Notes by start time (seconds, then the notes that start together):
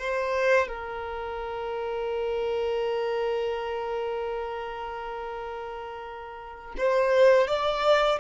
0.00 C5
0.68 A#4
6.78 C5
7.48 D5